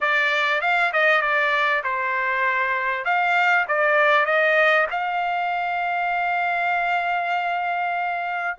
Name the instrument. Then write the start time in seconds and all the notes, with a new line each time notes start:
trumpet
0.00 D5
0.61 F5
0.92 D#5
1.21 D5
1.83 C5
3.04 F5
3.68 D5
4.25 D#5
4.90 F5